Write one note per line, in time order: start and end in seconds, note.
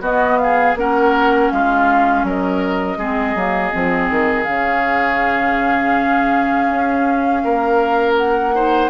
0.00 0.74 B3
0.00 0.76 B3
0.00 0.38 F#4
0.00 0.38 D#5
0.38 0.79 G#4
0.38 0.75 F5
0.75 1.49 A#3
0.75 2.99 C#4
0.75 1.53 A#4
0.75 1.51 F#5
1.51 2.23 G#3
1.51 2.26 F4
1.51 2.25 F5
2.23 2.97 F#3
2.23 2.98 A#4
2.23 4.43 D#5
2.97 3.34 G#3
2.97 3.36 C4
2.97 7.42 G#4
3.35 3.72 F#3
3.35 3.72 A#3
3.72 4.09 F3
3.72 4.46 C4
4.09 4.46 D#3
4.43 6.69 C#3
4.43 8.54 C#4
4.43 8.13 F5
6.69 7.43 C#4
7.44 8.90 A#3
7.44 8.55 A#4
8.17 8.90 F#5
8.55 8.90 D#4
8.55 8.90 C5